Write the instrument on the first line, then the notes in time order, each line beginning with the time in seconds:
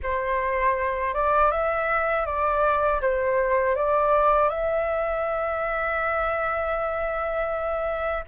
flute
0.02 C5
1.14 D5
1.51 E5
2.25 D5
3.01 C5
3.75 D5
4.49 E5